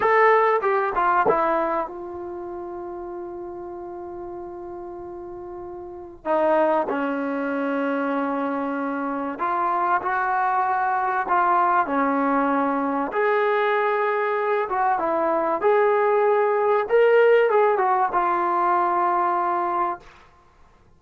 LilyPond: \new Staff \with { instrumentName = "trombone" } { \time 4/4 \tempo 4 = 96 a'4 g'8 f'8 e'4 f'4~ | f'1~ | f'2 dis'4 cis'4~ | cis'2. f'4 |
fis'2 f'4 cis'4~ | cis'4 gis'2~ gis'8 fis'8 | e'4 gis'2 ais'4 | gis'8 fis'8 f'2. | }